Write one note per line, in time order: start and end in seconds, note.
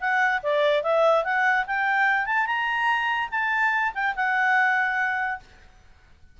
0.00 0.41 F#5
0.43 0.83 D5
0.83 1.24 E5
1.24 1.66 F#5
1.67 2.26 G5
2.26 2.46 A5
2.46 3.29 A#5
3.31 3.93 A5
3.94 4.15 G5
4.16 5.40 F#5